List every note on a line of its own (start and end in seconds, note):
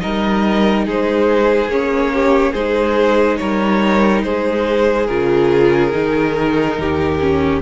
0.00 0.87 G3
0.00 1.69 D#4
0.00 0.86 A#4
0.00 0.85 D#5
0.86 1.68 G#3
0.86 2.13 G#4
0.86 1.71 C5
1.68 2.53 A#3
1.68 2.55 C#4
1.68 2.54 C#5
2.14 2.52 G4
2.52 3.39 G#3
2.52 5.08 D#4
2.52 3.37 G#4
2.52 3.37 C5
3.37 4.24 G3
3.37 4.25 A#4
3.37 4.22 C#5
4.23 5.08 G#3
4.23 6.79 G#4
4.23 5.07 C5
5.07 5.94 C#3
5.07 5.92 F4
5.07 7.60 A#4
5.92 6.79 D#3
5.92 7.19 D#4
6.79 7.62 D#2
6.79 7.62 G4
7.20 7.62 C#4